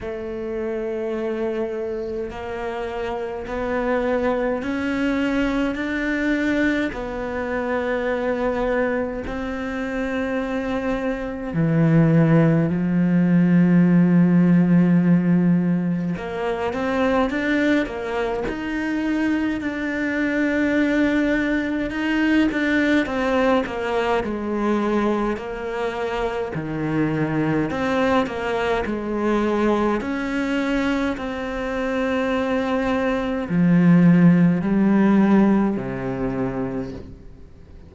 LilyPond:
\new Staff \with { instrumentName = "cello" } { \time 4/4 \tempo 4 = 52 a2 ais4 b4 | cis'4 d'4 b2 | c'2 e4 f4~ | f2 ais8 c'8 d'8 ais8 |
dis'4 d'2 dis'8 d'8 | c'8 ais8 gis4 ais4 dis4 | c'8 ais8 gis4 cis'4 c'4~ | c'4 f4 g4 c4 | }